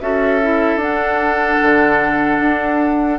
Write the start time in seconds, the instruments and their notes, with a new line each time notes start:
0.00 bassoon C#4, clarinet F#4, oboe A4, flute E5
0.42 clarinet E4
0.75 bassoon D4, clarinet D4, flute F#5
1.62 bassoon D3
2.39 bassoon D4